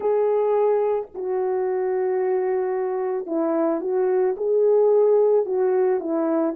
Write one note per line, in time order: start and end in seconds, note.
0.00 1.06 G#4
1.14 3.26 F#4
3.26 3.80 E4
3.80 4.35 F#4
4.36 5.45 G#4
5.45 6.00 F#4
6.00 6.54 E4